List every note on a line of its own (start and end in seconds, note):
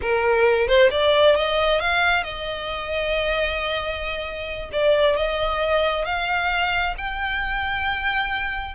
0.01 0.67 A#4
0.67 0.90 C5
0.91 1.35 D5
1.35 1.80 D#5
1.80 2.23 F5
2.23 4.70 D#5
4.72 5.16 D5
5.16 6.05 D#5
6.05 6.94 F5
6.97 8.74 G5